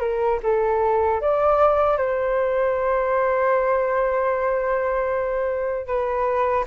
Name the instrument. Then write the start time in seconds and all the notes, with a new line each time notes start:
flute
0.00 A#4
0.43 A4
1.21 D5
1.97 C5
5.87 B4